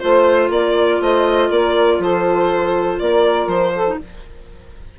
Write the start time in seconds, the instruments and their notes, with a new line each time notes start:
0.00 bassoon A3, clarinet F4, violin C5, saxophone C5
0.50 bassoon A#3, saxophone A#4, violin D5
1.01 bassoon A3, saxophone C5, violin D#5
1.49 bassoon A#3, saxophone A#4, violin D5
1.99 bassoon F3, saxophone A4, violin C5
3.00 bassoon A#3, saxophone A#4, violin D5
3.47 bassoon F3, violin C5
3.74 saxophone A4
3.87 clarinet D#4